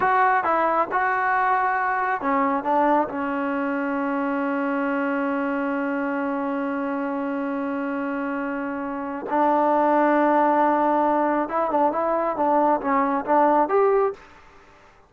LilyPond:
\new Staff \with { instrumentName = "trombone" } { \time 4/4 \tempo 4 = 136 fis'4 e'4 fis'2~ | fis'4 cis'4 d'4 cis'4~ | cis'1~ | cis'1~ |
cis'1~ | cis'4 d'2.~ | d'2 e'8 d'8 e'4 | d'4 cis'4 d'4 g'4 | }